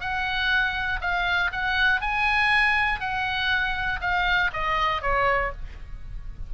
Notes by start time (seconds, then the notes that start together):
0.00 F#5
1.01 F5
1.52 F#5
2.01 G#5
3.00 F#5
4.01 F5
4.53 D#5
5.02 C#5